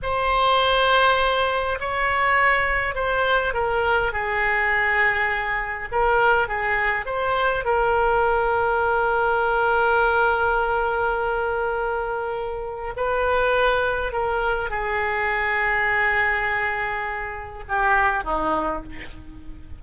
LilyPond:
\new Staff \with { instrumentName = "oboe" } { \time 4/4 \tempo 4 = 102 c''2. cis''4~ | cis''4 c''4 ais'4 gis'4~ | gis'2 ais'4 gis'4 | c''4 ais'2.~ |
ais'1~ | ais'2 b'2 | ais'4 gis'2.~ | gis'2 g'4 dis'4 | }